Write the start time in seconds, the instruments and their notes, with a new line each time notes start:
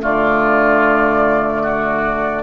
0.00 bassoon D3, clarinet A3, oboe F4, flute D5
1.62 oboe F#4